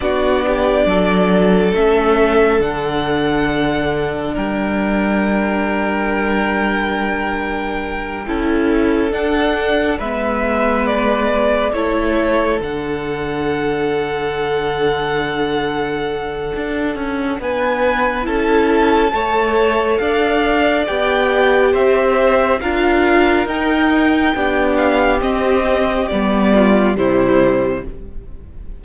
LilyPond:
<<
  \new Staff \with { instrumentName = "violin" } { \time 4/4 \tempo 4 = 69 d''2 e''4 fis''4~ | fis''4 g''2.~ | g''2~ g''8 fis''4 e''8~ | e''8 d''4 cis''4 fis''4.~ |
fis''1 | gis''4 a''2 f''4 | g''4 e''4 f''4 g''4~ | g''8 f''8 dis''4 d''4 c''4 | }
  \new Staff \with { instrumentName = "violin" } { \time 4/4 fis'8 g'8 a'2.~ | a'4 ais'2.~ | ais'4. a'2 b'8~ | b'4. a'2~ a'8~ |
a'1 | b'4 a'4 cis''4 d''4~ | d''4 c''4 ais'2 | g'2~ g'8 f'8 e'4 | }
  \new Staff \with { instrumentName = "viola" } { \time 4/4 d'2 cis'4 d'4~ | d'1~ | d'4. e'4 d'4 b8~ | b4. e'4 d'4.~ |
d'1~ | d'4 e'4 a'2 | g'2 f'4 dis'4 | d'4 c'4 b4 g4 | }
  \new Staff \with { instrumentName = "cello" } { \time 4/4 b4 fis4 a4 d4~ | d4 g2.~ | g4. cis'4 d'4 gis8~ | gis4. a4 d4.~ |
d2. d'8 cis'8 | b4 cis'4 a4 d'4 | b4 c'4 d'4 dis'4 | b4 c'4 g4 c4 | }
>>